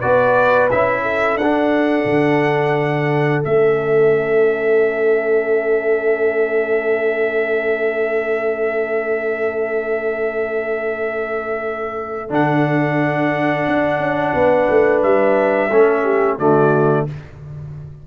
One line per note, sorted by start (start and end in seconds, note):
0.00 0.72 B3
0.00 0.70 F#4
0.00 1.02 B4
0.00 0.69 D5
0.71 1.36 C#4
0.71 1.40 E4
0.71 1.38 E5
1.03 14.32 A4
1.36 2.04 D4
1.36 3.42 F#5
1.43 3.44 D4
2.05 3.42 D3
3.44 12.31 A3
3.44 12.30 C#4
3.44 12.31 E5
12.30 13.67 D3
12.30 15.71 D4
12.30 15.03 F#5
13.68 13.99 D4
13.99 14.33 C#4
14.34 14.69 B3
14.34 15.71 B4
14.70 15.04 A3
15.03 15.72 G3
15.03 16.39 E5
15.71 16.39 A3
15.71 16.39 C#4
15.71 16.04 A4
16.04 16.38 G4
16.38 17.07 D3
16.38 17.08 A3
16.38 17.06 F#4
16.38 17.07 D5